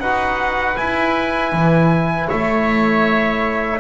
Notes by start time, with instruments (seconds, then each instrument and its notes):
0.00 double bass D#4, trombone F#4, oboe B4, trumpet F#5
0.76 trombone E4, double bass E4, trumpet G#5
1.53 double bass E3
2.28 double bass A3, oboe C#5, trumpet E5